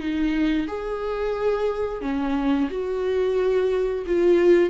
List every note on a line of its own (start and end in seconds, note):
0.00 0.67 D#4
0.67 2.02 G#4
2.02 2.69 C#4
2.70 4.05 F#4
4.07 4.70 F4